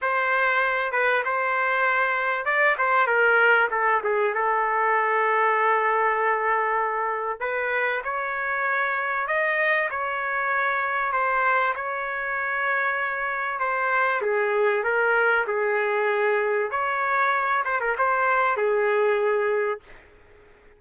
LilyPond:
\new Staff \with { instrumentName = "trumpet" } { \time 4/4 \tempo 4 = 97 c''4. b'8 c''2 | d''8 c''8 ais'4 a'8 gis'8 a'4~ | a'1 | b'4 cis''2 dis''4 |
cis''2 c''4 cis''4~ | cis''2 c''4 gis'4 | ais'4 gis'2 cis''4~ | cis''8 c''16 ais'16 c''4 gis'2 | }